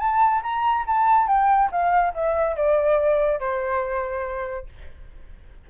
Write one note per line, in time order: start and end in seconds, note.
0.00 0.42 A5
0.43 0.85 A#5
0.87 1.28 A5
1.28 1.70 G5
1.72 2.14 F5
2.14 2.56 E5
2.56 3.40 D5
3.40 4.67 C5